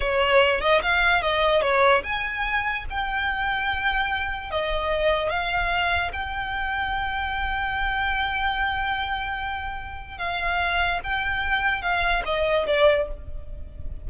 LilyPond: \new Staff \with { instrumentName = "violin" } { \time 4/4 \tempo 4 = 147 cis''4. dis''8 f''4 dis''4 | cis''4 gis''2 g''4~ | g''2. dis''4~ | dis''4 f''2 g''4~ |
g''1~ | g''1~ | g''4 f''2 g''4~ | g''4 f''4 dis''4 d''4 | }